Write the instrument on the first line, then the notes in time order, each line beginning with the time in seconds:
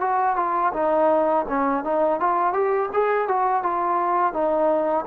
trombone
0.00 F#4
0.36 F4
0.73 D#4
1.48 C#4
1.84 D#4
2.19 F4
2.53 G4
2.93 G#4
3.28 F#4
3.62 F4
4.33 D#4